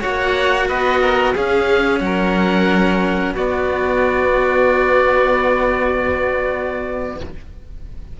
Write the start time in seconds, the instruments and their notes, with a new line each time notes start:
0.00 cello A#3 F#4, violin C#5, oboe F#5
0.67 cello B3, violin B4, oboe D#5
1.01 violin A#4
1.33 cello C#4, violin G#4, oboe F5
2.00 cello F#3, violin A#4, oboe F#5
3.32 cello B3, violin F#4, oboe D5